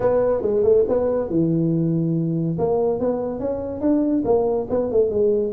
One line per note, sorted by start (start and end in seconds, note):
0.00 0.42 B3
0.42 0.63 G#3
0.63 0.84 A3
0.88 1.29 B3
1.29 2.57 E3
2.58 2.99 A#3
2.99 3.39 B3
3.39 3.80 C#4
3.80 4.23 D4
4.24 4.67 A#3
4.70 4.91 B3
4.91 5.10 A3
5.10 5.53 G#3